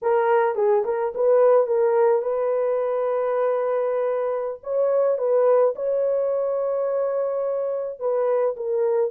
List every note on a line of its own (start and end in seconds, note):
0.02 0.55 A#4
0.55 0.83 G#4
0.85 1.13 A#4
1.14 1.66 B4
1.66 2.21 A#4
2.21 4.60 B4
4.63 5.18 C#5
5.18 5.74 B4
5.75 7.99 C#5
7.99 8.55 B4
8.56 9.10 A#4